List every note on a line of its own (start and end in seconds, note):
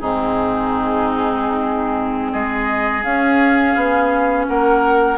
0.00 2.33 G#2
0.00 3.03 C4
0.00 2.32 D#4
0.00 2.31 G#4
2.31 3.03 G#3
2.31 4.46 G#4
2.31 3.03 D#5
3.03 5.17 C#4
3.03 3.75 C#4
3.03 4.46 F5
3.75 4.47 B3
4.47 5.18 A#3
4.47 5.18 A#4
4.47 5.18 F#5